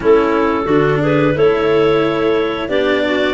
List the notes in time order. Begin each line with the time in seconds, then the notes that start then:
0.00 A3 C#4 E4 A4
0.64 D3 D4 F#4
1.00 G#4 B4
1.33 A3 E4 A4 C#5
2.68 B3 D4 G4 D5
3.05 F#4